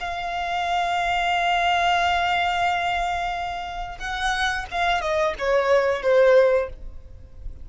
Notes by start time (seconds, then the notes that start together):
0.00 F5
3.98 F#5
4.71 F5
5.01 D#5
5.38 C#5
6.03 C5